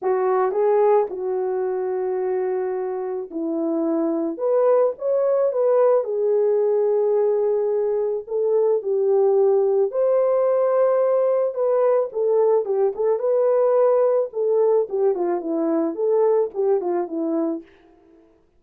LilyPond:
\new Staff \with { instrumentName = "horn" } { \time 4/4 \tempo 4 = 109 fis'4 gis'4 fis'2~ | fis'2 e'2 | b'4 cis''4 b'4 gis'4~ | gis'2. a'4 |
g'2 c''2~ | c''4 b'4 a'4 g'8 a'8 | b'2 a'4 g'8 f'8 | e'4 a'4 g'8 f'8 e'4 | }